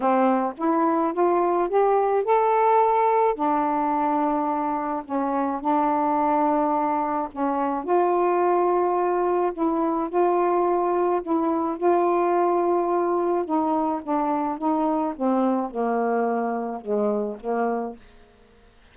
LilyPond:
\new Staff \with { instrumentName = "saxophone" } { \time 4/4 \tempo 4 = 107 c'4 e'4 f'4 g'4 | a'2 d'2~ | d'4 cis'4 d'2~ | d'4 cis'4 f'2~ |
f'4 e'4 f'2 | e'4 f'2. | dis'4 d'4 dis'4 c'4 | ais2 gis4 ais4 | }